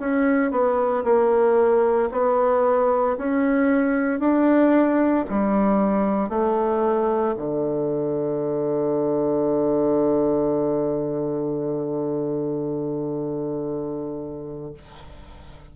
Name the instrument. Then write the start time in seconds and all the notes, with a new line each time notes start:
bassoon
0.00 C#4
0.52 B3
1.04 A#3
2.12 B3
3.18 C#4
4.20 D4
5.30 G3
6.30 A3
7.37 D3